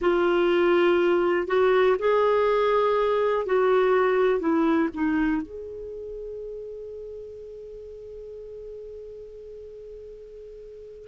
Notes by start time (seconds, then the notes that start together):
0.00 F4
1.47 F#4
1.99 G#4
3.46 F#4
4.39 E4
4.94 D#4
5.41 G#4